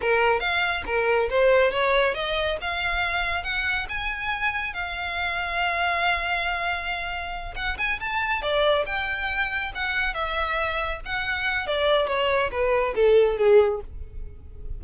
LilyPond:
\new Staff \with { instrumentName = "violin" } { \time 4/4 \tempo 4 = 139 ais'4 f''4 ais'4 c''4 | cis''4 dis''4 f''2 | fis''4 gis''2 f''4~ | f''1~ |
f''4. fis''8 gis''8 a''4 d''8~ | d''8 g''2 fis''4 e''8~ | e''4. fis''4. d''4 | cis''4 b'4 a'4 gis'4 | }